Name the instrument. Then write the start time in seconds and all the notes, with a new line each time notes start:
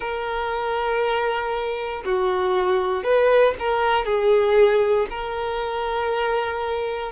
violin
0.00 A#4
2.05 F#4
3.03 B4
3.59 A#4
4.05 G#4
5.09 A#4